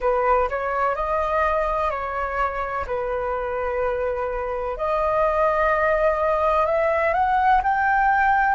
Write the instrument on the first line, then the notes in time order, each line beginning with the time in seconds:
flute
0.00 B4
0.49 C#5
0.95 D#5
1.90 C#5
2.86 B4
4.77 D#5
6.66 E5
7.13 F#5
7.63 G5